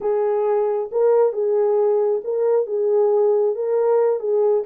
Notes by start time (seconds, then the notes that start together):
0.01 G#4
0.91 A#4
1.32 G#4
2.24 A#4
2.66 G#4
3.55 A#4
4.19 G#4